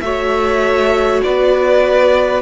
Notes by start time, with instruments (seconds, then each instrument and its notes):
0.00 cello A3, viola F#4, violin C#5 E5
1.23 cello B3, violin B4 D5